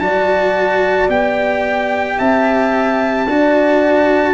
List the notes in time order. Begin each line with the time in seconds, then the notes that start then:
0.00 F#3 F#4 D5 A5
1.09 B3 G4 G5
2.19 C4 E5 A5
3.27 D4 F#4 D5